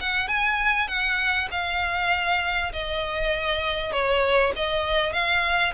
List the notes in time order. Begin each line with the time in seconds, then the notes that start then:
0.00 F#5
0.28 G#5
0.87 F#5
1.51 F5
2.72 D#5
3.92 C#5
4.55 D#5
5.12 F5